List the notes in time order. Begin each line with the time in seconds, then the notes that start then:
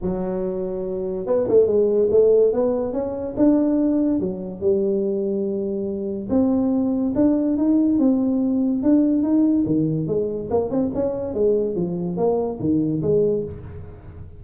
0.01 F#3
1.26 B3
1.48 A3
1.66 G#3
2.10 A3
2.53 B3
2.92 C#4
3.37 D4
4.20 F#3
4.60 G3
6.29 C4
7.15 D4
7.57 D#4
7.98 C4
8.82 D4
9.22 D#4
9.66 D#3
10.07 G#3
10.50 A#3
10.70 C4
10.94 C#4
11.33 G#3
11.75 F3
12.16 A#3
12.59 D#3
13.02 G#3